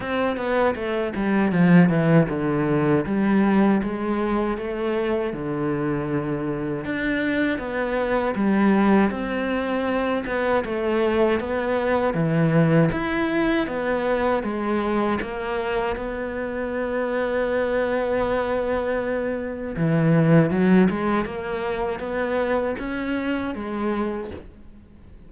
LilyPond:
\new Staff \with { instrumentName = "cello" } { \time 4/4 \tempo 4 = 79 c'8 b8 a8 g8 f8 e8 d4 | g4 gis4 a4 d4~ | d4 d'4 b4 g4 | c'4. b8 a4 b4 |
e4 e'4 b4 gis4 | ais4 b2.~ | b2 e4 fis8 gis8 | ais4 b4 cis'4 gis4 | }